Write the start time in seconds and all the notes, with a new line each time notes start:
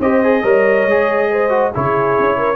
0.00 C4 G4 C5 D#5
0.24 G#4
0.43 G3 A#4 C#5
0.86 G#3 G#4
1.31 C5
1.49 F#4
1.74 C#3 E4 G#4 C#5
2.19 C#4
2.37 A#4